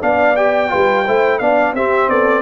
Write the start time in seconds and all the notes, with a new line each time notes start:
0.00 B3 D4 D5 F5
0.36 G4 G5
0.69 G3 F4 B4
1.05 A3 E4 C5
1.38 B3 D4 D5 F5
1.73 C4 G4 E5
2.08 B3 A4 D5